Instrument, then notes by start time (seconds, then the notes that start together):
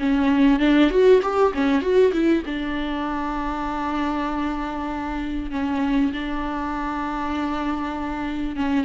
viola
0.00 C#4
0.60 D4
0.91 F#4
1.22 G4
1.55 C#4
1.82 F#4
2.13 E4
2.46 D4
5.52 C#4
6.13 D4
8.57 C#4